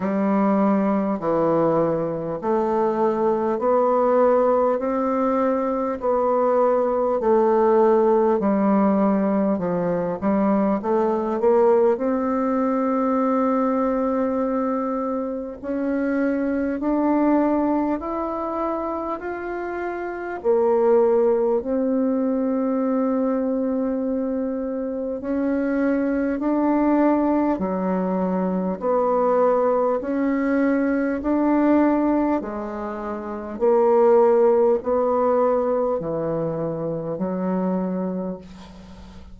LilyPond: \new Staff \with { instrumentName = "bassoon" } { \time 4/4 \tempo 4 = 50 g4 e4 a4 b4 | c'4 b4 a4 g4 | f8 g8 a8 ais8 c'2~ | c'4 cis'4 d'4 e'4 |
f'4 ais4 c'2~ | c'4 cis'4 d'4 fis4 | b4 cis'4 d'4 gis4 | ais4 b4 e4 fis4 | }